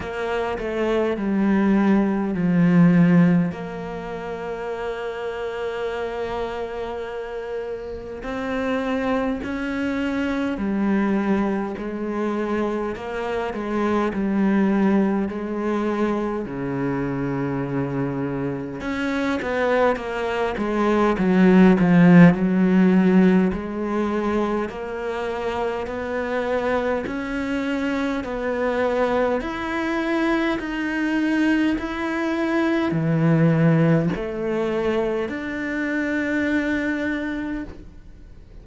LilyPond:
\new Staff \with { instrumentName = "cello" } { \time 4/4 \tempo 4 = 51 ais8 a8 g4 f4 ais4~ | ais2. c'4 | cis'4 g4 gis4 ais8 gis8 | g4 gis4 cis2 |
cis'8 b8 ais8 gis8 fis8 f8 fis4 | gis4 ais4 b4 cis'4 | b4 e'4 dis'4 e'4 | e4 a4 d'2 | }